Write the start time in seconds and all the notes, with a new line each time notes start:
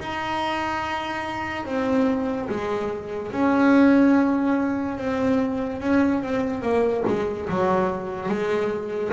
0.00 D#4
1.65 C4
2.49 G#3
3.32 C#4
4.97 C4
5.81 C#4
6.23 C4
6.62 A#3
7.07 G#3
7.49 F#3
8.29 G#3